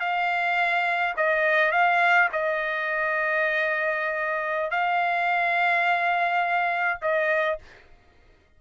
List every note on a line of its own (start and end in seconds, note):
0.00 1.14 F5
1.17 1.71 D#5
1.71 2.29 F5
2.32 4.71 D#5
4.71 6.99 F5
7.02 7.59 D#5